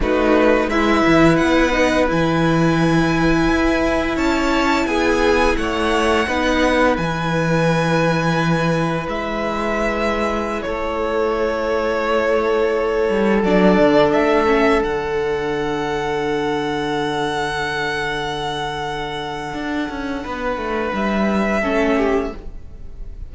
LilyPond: <<
  \new Staff \with { instrumentName = "violin" } { \time 4/4 \tempo 4 = 86 b'4 e''4 fis''4 gis''4~ | gis''2 a''4 gis''4 | fis''2 gis''2~ | gis''4 e''2~ e''16 cis''8.~ |
cis''2.~ cis''16 d''8.~ | d''16 e''4 fis''2~ fis''8.~ | fis''1~ | fis''2 e''2 | }
  \new Staff \with { instrumentName = "violin" } { \time 4/4 fis'4 b'2.~ | b'2 cis''4 gis'4 | cis''4 b'2.~ | b'2.~ b'16 a'8.~ |
a'1~ | a'1~ | a'1~ | a'4 b'2 a'8 g'8 | }
  \new Staff \with { instrumentName = "viola" } { \time 4/4 dis'4 e'4. dis'8 e'4~ | e'1~ | e'4 dis'4 e'2~ | e'1~ |
e'2.~ e'16 d'8.~ | d'8. cis'8 d'2~ d'8.~ | d'1~ | d'2. cis'4 | }
  \new Staff \with { instrumentName = "cello" } { \time 4/4 a4 gis8 e8 b4 e4~ | e4 e'4 cis'4 b4 | a4 b4 e2~ | e4 gis2~ gis16 a8.~ |
a2~ a8. g8 fis8 d16~ | d16 a4 d2~ d8.~ | d1 | d'8 cis'8 b8 a8 g4 a4 | }
>>